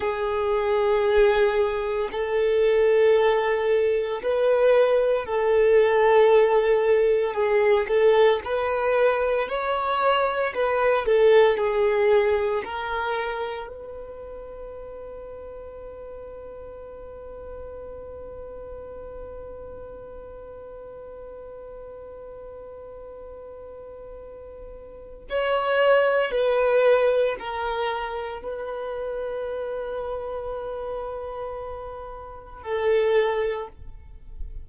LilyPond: \new Staff \with { instrumentName = "violin" } { \time 4/4 \tempo 4 = 57 gis'2 a'2 | b'4 a'2 gis'8 a'8 | b'4 cis''4 b'8 a'8 gis'4 | ais'4 b'2.~ |
b'1~ | b'1 | cis''4 b'4 ais'4 b'4~ | b'2. a'4 | }